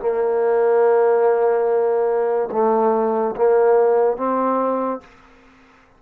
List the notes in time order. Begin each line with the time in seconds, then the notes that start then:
0.00 A#3
2.52 A3
3.36 A#3
4.17 C4